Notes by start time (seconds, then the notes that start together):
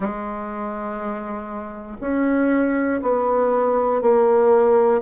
0.00 G#3
2.00 C#4
3.02 B3
4.01 A#3